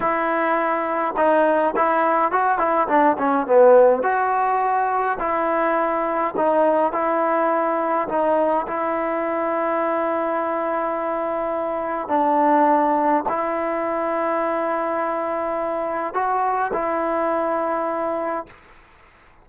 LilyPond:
\new Staff \with { instrumentName = "trombone" } { \time 4/4 \tempo 4 = 104 e'2 dis'4 e'4 | fis'8 e'8 d'8 cis'8 b4 fis'4~ | fis'4 e'2 dis'4 | e'2 dis'4 e'4~ |
e'1~ | e'4 d'2 e'4~ | e'1 | fis'4 e'2. | }